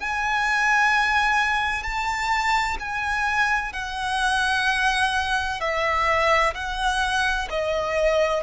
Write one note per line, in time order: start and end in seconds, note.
0.00 1.83 G#5
1.83 2.77 A5
2.80 3.73 G#5
3.73 5.60 F#5
5.60 6.54 E5
6.55 7.48 F#5
7.50 8.43 D#5